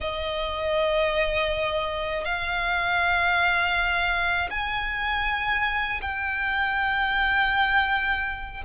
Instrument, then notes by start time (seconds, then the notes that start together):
violin
0.00 D#5
2.24 F5
4.50 G#5
6.01 G5